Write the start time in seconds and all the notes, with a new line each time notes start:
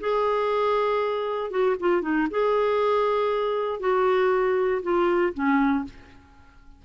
0.00 G#4
1.50 F#4
1.80 F4
2.02 D#4
2.30 G#4
3.80 F#4
4.83 F4
5.34 C#4